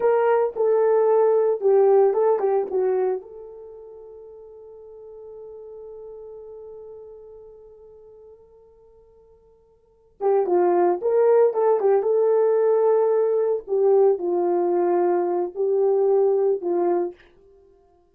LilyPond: \new Staff \with { instrumentName = "horn" } { \time 4/4 \tempo 4 = 112 ais'4 a'2 g'4 | a'8 g'8 fis'4 a'2~ | a'1~ | a'1~ |
a'2. g'8 f'8~ | f'8 ais'4 a'8 g'8 a'4.~ | a'4. g'4 f'4.~ | f'4 g'2 f'4 | }